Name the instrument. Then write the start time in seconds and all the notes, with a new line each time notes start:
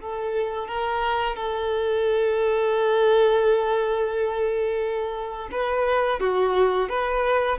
violin
0.00 A4
0.68 A#4
1.36 A4
5.51 B4
6.20 F#4
6.89 B4